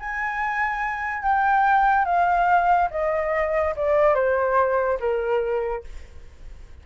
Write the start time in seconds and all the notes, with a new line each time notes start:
0.00 G#5
1.23 G5
2.05 F5
2.91 D#5
3.76 D5
4.15 C5
5.00 A#4